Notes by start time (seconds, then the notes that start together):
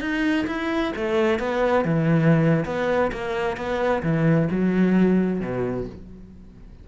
0.00 D#4
0.46 E4
0.96 A3
1.39 B3
1.84 E3
2.65 B3
3.12 A#3
3.56 B3
4.02 E3
4.50 F#3
5.40 B2